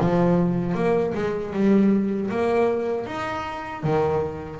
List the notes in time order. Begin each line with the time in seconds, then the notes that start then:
0.00 F3
0.74 A#3
1.14 G#3
1.53 G3
2.30 A#3
3.06 D#4
3.83 D#3